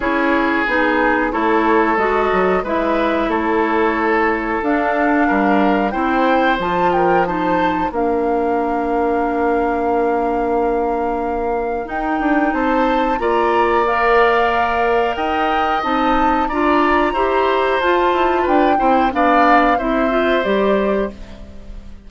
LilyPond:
<<
  \new Staff \with { instrumentName = "flute" } { \time 4/4 \tempo 4 = 91 cis''4 gis'4 cis''4 dis''4 | e''4 cis''2 f''4~ | f''4 g''4 a''8 g''8 a''4 | f''1~ |
f''2 g''4 a''4 | ais''4 f''2 g''4 | a''4 ais''2 a''4 | g''4 f''4 e''4 d''4 | }
  \new Staff \with { instrumentName = "oboe" } { \time 4/4 gis'2 a'2 | b'4 a'2. | ais'4 c''4. ais'8 c''4 | ais'1~ |
ais'2. c''4 | d''2. dis''4~ | dis''4 d''4 c''2 | b'8 c''8 d''4 c''2 | }
  \new Staff \with { instrumentName = "clarinet" } { \time 4/4 e'4 dis'4 e'4 fis'4 | e'2. d'4~ | d'4 e'4 f'4 dis'4 | d'1~ |
d'2 dis'2 | f'4 ais'2. | dis'4 f'4 g'4 f'4~ | f'8 e'8 d'4 e'8 f'8 g'4 | }
  \new Staff \with { instrumentName = "bassoon" } { \time 4/4 cis'4 b4 a4 gis8 fis8 | gis4 a2 d'4 | g4 c'4 f2 | ais1~ |
ais2 dis'8 d'8 c'4 | ais2. dis'4 | c'4 d'4 e'4 f'8 e'8 | d'8 c'8 b4 c'4 g4 | }
>>